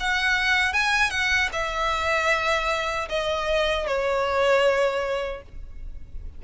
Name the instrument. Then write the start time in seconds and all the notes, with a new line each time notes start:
violin
0.00 F#5
0.73 G#5
1.11 F#5
1.52 E5
3.09 D#5
3.87 C#5